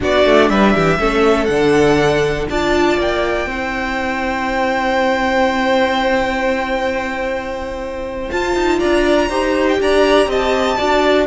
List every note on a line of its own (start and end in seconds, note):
0.00 0.25 B3
0.00 0.99 D4
0.00 0.50 F#4
0.00 0.49 D5
0.25 0.49 A3
0.49 0.74 G3
0.49 0.74 B4
0.49 1.45 E5
0.74 0.98 E3
0.74 0.99 G4
0.98 1.48 A3
0.98 1.49 C#4
0.98 2.48 A4
1.45 2.48 D3
1.45 2.49 D4
1.45 2.44 F#5
2.49 2.97 D4
2.49 3.48 F4
2.49 3.49 D5
2.49 2.99 A5
2.97 3.46 A#3
2.97 8.30 G5
3.46 8.29 C4
3.46 8.31 E4
3.46 8.78 C5
8.30 9.29 F4
8.30 8.55 F4
8.30 8.79 A5
8.55 8.80 D#4
8.78 9.29 D4
8.78 9.28 D5
8.78 9.66 A#5
9.29 9.79 D#4
9.29 10.78 G4
9.29 9.78 C5
9.68 9.81 G5
9.80 10.26 D4
9.80 10.29 D5
9.80 10.30 A#5
10.26 10.76 C4
10.26 10.77 D#5
10.26 11.26 A5
10.77 11.26 D4
10.77 11.26 F#4
10.77 11.26 D5